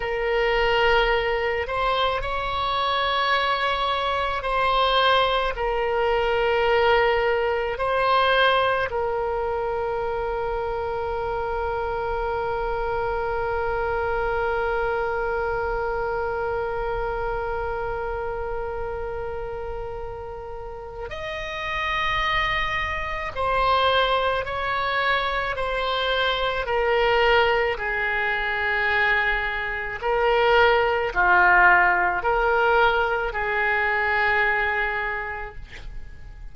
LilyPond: \new Staff \with { instrumentName = "oboe" } { \time 4/4 \tempo 4 = 54 ais'4. c''8 cis''2 | c''4 ais'2 c''4 | ais'1~ | ais'1~ |
ais'2. dis''4~ | dis''4 c''4 cis''4 c''4 | ais'4 gis'2 ais'4 | f'4 ais'4 gis'2 | }